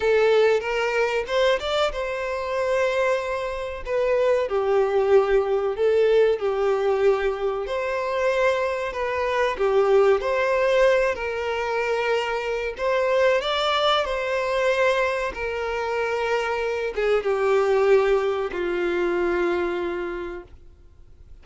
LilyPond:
\new Staff \with { instrumentName = "violin" } { \time 4/4 \tempo 4 = 94 a'4 ais'4 c''8 d''8 c''4~ | c''2 b'4 g'4~ | g'4 a'4 g'2 | c''2 b'4 g'4 |
c''4. ais'2~ ais'8 | c''4 d''4 c''2 | ais'2~ ais'8 gis'8 g'4~ | g'4 f'2. | }